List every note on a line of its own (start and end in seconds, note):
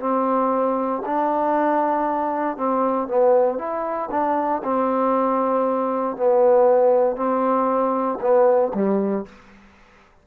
0.00 1.03 C4
1.06 2.57 D4
2.57 3.08 C4
3.08 3.58 B3
3.58 4.09 E4
4.11 4.62 D4
4.64 6.17 C4
6.17 7.16 B3
7.16 8.19 C4
8.21 8.72 B3
8.74 9.25 G3